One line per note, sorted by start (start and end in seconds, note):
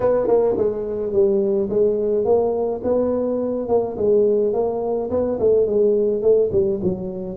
0.00 0.27 B3
0.27 0.55 A#3
0.57 1.12 G#3
1.12 1.69 G3
1.69 2.24 G#3
2.24 2.81 A#3
2.83 3.68 B3
3.68 3.96 A#3
3.97 4.53 G#3
4.53 5.09 A#3
5.10 5.38 B3
5.39 5.66 A3
5.66 6.21 G#3
6.21 6.50 A3
6.51 6.80 G3
6.82 7.37 F#3